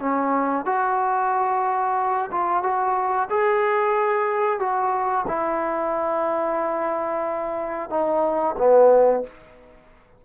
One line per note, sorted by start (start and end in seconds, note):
0.00 0.66 C#4
0.66 2.30 F#4
2.31 2.63 F4
2.63 3.29 F#4
3.30 4.60 G#4
4.60 5.26 F#4
5.27 7.90 E4
7.90 8.56 D#4
8.58 9.24 B3